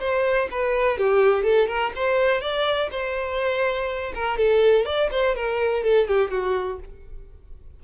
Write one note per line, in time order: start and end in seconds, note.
0.00 0.49 C5
0.51 0.98 B4
0.98 1.44 G4
1.44 1.68 A4
1.68 1.93 A#4
1.96 2.41 C5
2.41 2.90 D5
2.91 4.13 C5
4.15 4.38 A#4
4.38 4.86 A4
4.86 5.10 D5
5.12 5.36 C5
5.36 5.84 A#4
5.84 6.08 A4
6.08 6.31 G4
6.31 6.80 F#4